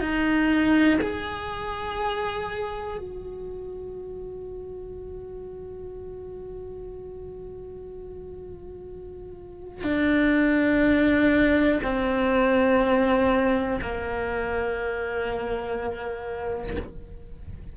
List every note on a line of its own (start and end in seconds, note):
0.00 0.98 D#4
1.01 2.98 G#4
2.98 9.83 F#4
9.83 11.80 D4
11.83 13.80 C4
13.82 16.77 A#3